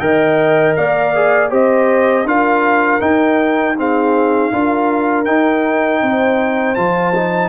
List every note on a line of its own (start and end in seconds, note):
0.00 0.75 D#3
0.00 1.14 A#4
0.00 0.78 D#5
0.00 0.75 G5
0.76 1.52 A#3
0.76 1.51 D5
0.76 1.51 F5
1.15 1.50 G#4
1.50 2.24 C4
1.50 2.25 G4
1.50 2.26 C5
1.50 2.27 D#5
2.24 2.99 D4
2.24 3.00 F4
2.24 3.77 A#4
2.24 3.01 F5
3.00 3.75 D#4
3.00 4.51 D#4
3.00 3.76 G5
3.78 4.52 C4
3.78 4.52 G#4
3.78 5.25 F5
4.52 5.26 D4
4.52 5.26 F4
4.52 6.02 A#4
5.25 6.76 D#4
5.25 6.01 D#4
5.25 6.75 G5
6.02 6.77 C4
6.02 7.49 C5
6.75 7.49 F3
6.75 7.13 F4
6.75 7.49 A5
7.15 7.49 D#4